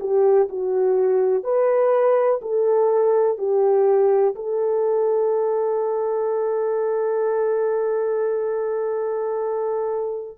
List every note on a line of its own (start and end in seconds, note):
0.00 0.48 G4
0.49 1.44 F#4
1.44 2.41 B4
2.41 3.38 A4
3.38 4.35 G4
4.35 10.38 A4